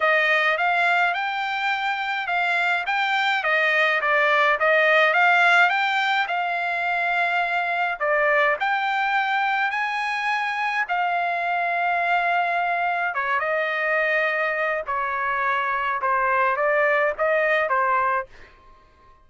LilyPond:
\new Staff \with { instrumentName = "trumpet" } { \time 4/4 \tempo 4 = 105 dis''4 f''4 g''2 | f''4 g''4 dis''4 d''4 | dis''4 f''4 g''4 f''4~ | f''2 d''4 g''4~ |
g''4 gis''2 f''4~ | f''2. cis''8 dis''8~ | dis''2 cis''2 | c''4 d''4 dis''4 c''4 | }